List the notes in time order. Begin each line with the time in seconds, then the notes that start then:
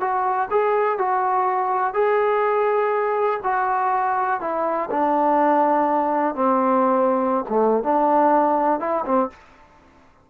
0.00 F#4
0.51 G#4
0.98 F#4
1.94 G#4
3.43 F#4
4.41 E4
4.91 D4
6.35 C4
7.49 A3
7.83 D4
8.80 E4
9.05 C4